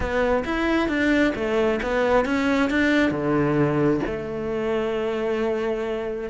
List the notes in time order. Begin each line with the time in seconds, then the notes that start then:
0.00 B3
0.45 E4
0.88 D4
1.35 A3
1.82 B3
2.25 C#4
2.70 D4
3.10 D3
4.06 A3